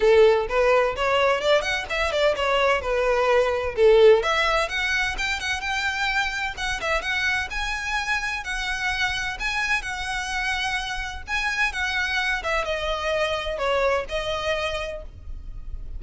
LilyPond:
\new Staff \with { instrumentName = "violin" } { \time 4/4 \tempo 4 = 128 a'4 b'4 cis''4 d''8 fis''8 | e''8 d''8 cis''4 b'2 | a'4 e''4 fis''4 g''8 fis''8 | g''2 fis''8 e''8 fis''4 |
gis''2 fis''2 | gis''4 fis''2. | gis''4 fis''4. e''8 dis''4~ | dis''4 cis''4 dis''2 | }